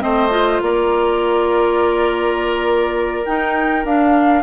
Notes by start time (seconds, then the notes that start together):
0.00 A3 C4 C5 D#5
0.30 F4
0.62 A#3 A#4 D5
3.26 D#4 G5
3.85 D4 F5